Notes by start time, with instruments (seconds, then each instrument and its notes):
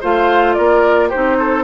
0.00 bassoon A3, clarinet F4, oboe C5, flute F5
0.53 bassoon A#3, oboe A#4, flute D5
1.09 clarinet D#4, oboe G4, flute C5
1.16 bassoon C4
1.39 oboe A4